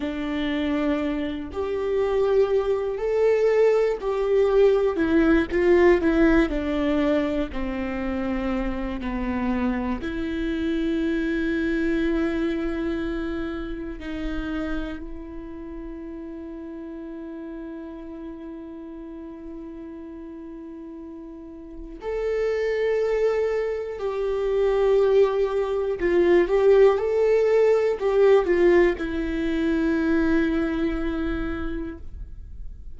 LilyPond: \new Staff \with { instrumentName = "viola" } { \time 4/4 \tempo 4 = 60 d'4. g'4. a'4 | g'4 e'8 f'8 e'8 d'4 c'8~ | c'4 b4 e'2~ | e'2 dis'4 e'4~ |
e'1~ | e'2 a'2 | g'2 f'8 g'8 a'4 | g'8 f'8 e'2. | }